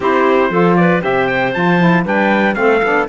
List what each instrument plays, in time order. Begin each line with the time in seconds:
0.00 cello C4, saxophone E4, clarinet G4, trumpet C5
0.50 cello F3, saxophone F4, clarinet A4
0.76 clarinet B4, trumpet D5
1.00 cello C3, saxophone G4, clarinet C5, trumpet E5
1.27 trumpet G5
1.53 cello F3, saxophone F4, trumpet A5
1.79 saxophone E4
2.04 cello G3, saxophone D4, clarinet B4, trumpet G5
2.54 cello A3, saxophone C4, clarinet A4, trumpet F5
2.82 cello B3, saxophone D4